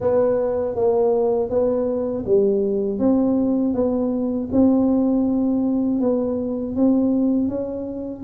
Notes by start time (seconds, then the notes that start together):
0.00 B3
0.75 A#3
1.49 B3
2.25 G3
2.99 C4
3.74 B3
4.52 C4
6.00 B3
6.75 C4
7.48 C#4